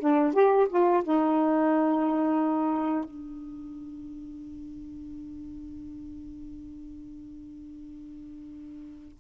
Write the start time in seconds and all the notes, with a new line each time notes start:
0.00 D4
0.34 G4
0.70 F4
1.04 D#4
3.05 D4